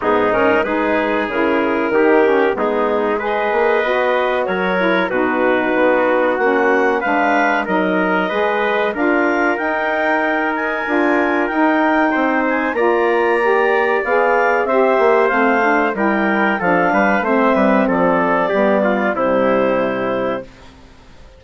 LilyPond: <<
  \new Staff \with { instrumentName = "clarinet" } { \time 4/4 \tempo 4 = 94 gis'8 ais'8 b'4 ais'2 | gis'4 dis''2 cis''4 | b'2 fis''4 f''4 | dis''2 f''4 g''4~ |
g''8 gis''4. g''4. gis''8 | ais''2 f''4 e''4 | f''4 g''4 f''4 e''4 | d''2 c''2 | }
  \new Staff \with { instrumentName = "trumpet" } { \time 4/4 dis'4 gis'2 g'4 | dis'4 b'2 ais'4 | fis'2. b'4 | ais'4 b'4 ais'2~ |
ais'2. c''4 | d''2. c''4~ | c''4 ais'4 a'8 b'8 c''8 b'8 | a'4 g'8 f'8 e'2 | }
  \new Staff \with { instrumentName = "saxophone" } { \time 4/4 b8 cis'8 dis'4 e'4 dis'8 cis'8 | b4 gis'4 fis'4. e'8 | dis'2 cis'4 d'4 | dis'4 gis'4 f'4 dis'4~ |
dis'4 f'4 dis'2 | f'4 g'4 gis'4 g'4 | c'8 d'8 e'4 d'4 c'4~ | c'4 b4 g2 | }
  \new Staff \with { instrumentName = "bassoon" } { \time 4/4 gis,4 gis4 cis4 dis4 | gis4. ais8 b4 fis4 | b,4 b4 ais4 gis4 | fis4 gis4 d'4 dis'4~ |
dis'4 d'4 dis'4 c'4 | ais2 b4 c'8 ais8 | a4 g4 f8 g8 a8 g8 | f4 g4 c2 | }
>>